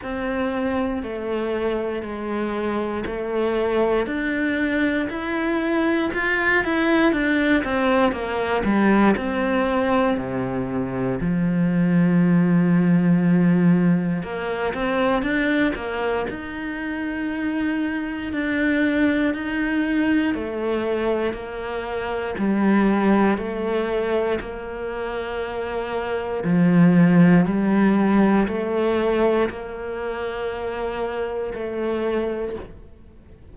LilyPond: \new Staff \with { instrumentName = "cello" } { \time 4/4 \tempo 4 = 59 c'4 a4 gis4 a4 | d'4 e'4 f'8 e'8 d'8 c'8 | ais8 g8 c'4 c4 f4~ | f2 ais8 c'8 d'8 ais8 |
dis'2 d'4 dis'4 | a4 ais4 g4 a4 | ais2 f4 g4 | a4 ais2 a4 | }